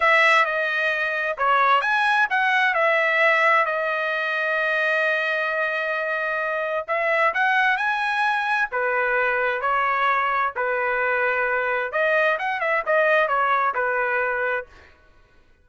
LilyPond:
\new Staff \with { instrumentName = "trumpet" } { \time 4/4 \tempo 4 = 131 e''4 dis''2 cis''4 | gis''4 fis''4 e''2 | dis''1~ | dis''2. e''4 |
fis''4 gis''2 b'4~ | b'4 cis''2 b'4~ | b'2 dis''4 fis''8 e''8 | dis''4 cis''4 b'2 | }